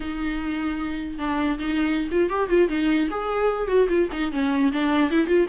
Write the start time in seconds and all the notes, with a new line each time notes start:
0.00 D#4
1.18 D4
1.59 D#4
2.11 F4
2.29 G4
2.49 F4
2.69 D#4
3.10 G#4
3.67 F#4
3.89 F4
4.12 D#4
4.32 C#4
4.72 D4
5.11 E4
5.27 F4